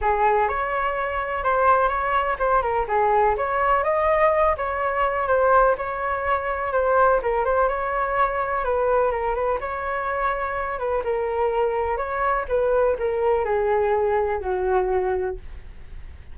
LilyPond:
\new Staff \with { instrumentName = "flute" } { \time 4/4 \tempo 4 = 125 gis'4 cis''2 c''4 | cis''4 c''8 ais'8 gis'4 cis''4 | dis''4. cis''4. c''4 | cis''2 c''4 ais'8 c''8 |
cis''2 b'4 ais'8 b'8 | cis''2~ cis''8 b'8 ais'4~ | ais'4 cis''4 b'4 ais'4 | gis'2 fis'2 | }